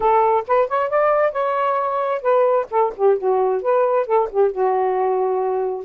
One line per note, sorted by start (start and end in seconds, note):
0.00 0.44 A4
0.47 0.68 B4
0.68 0.89 C#5
0.89 1.32 D5
1.32 2.21 C#5
2.21 2.66 B4
2.70 2.93 A4
2.95 3.18 G4
3.18 3.62 F#4
3.62 4.06 B4
4.06 4.28 A4
4.30 4.51 G4
4.51 5.84 F#4